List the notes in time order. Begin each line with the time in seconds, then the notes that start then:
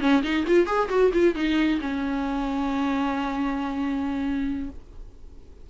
0.00 C#4
0.23 D#4
0.47 F4
0.66 G#4
0.89 F#4
1.13 F4
1.35 D#4
1.80 C#4